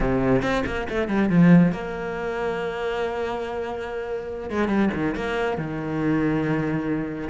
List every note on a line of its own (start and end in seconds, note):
0.00 0.42 C3
0.42 0.63 C4
0.66 0.87 A#3
0.89 1.08 A3
1.08 1.29 G3
1.29 1.71 F3
1.71 4.50 A#3
4.50 4.68 G#3
4.68 4.89 G3
4.93 5.15 D#3
5.15 5.57 A#3
5.57 7.29 D#3